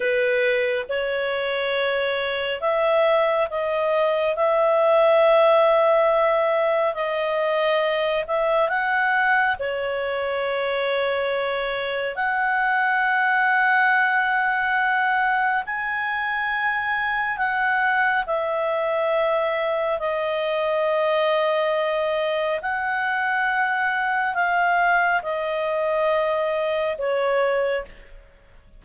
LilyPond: \new Staff \with { instrumentName = "clarinet" } { \time 4/4 \tempo 4 = 69 b'4 cis''2 e''4 | dis''4 e''2. | dis''4. e''8 fis''4 cis''4~ | cis''2 fis''2~ |
fis''2 gis''2 | fis''4 e''2 dis''4~ | dis''2 fis''2 | f''4 dis''2 cis''4 | }